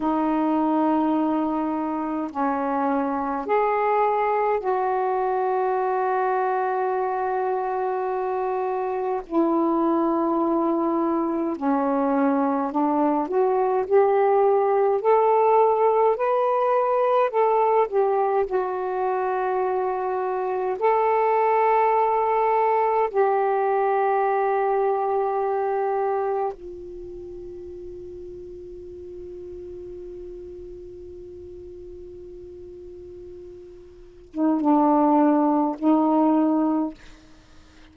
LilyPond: \new Staff \with { instrumentName = "saxophone" } { \time 4/4 \tempo 4 = 52 dis'2 cis'4 gis'4 | fis'1 | e'2 cis'4 d'8 fis'8 | g'4 a'4 b'4 a'8 g'8 |
fis'2 a'2 | g'2. f'4~ | f'1~ | f'4.~ f'16 dis'16 d'4 dis'4 | }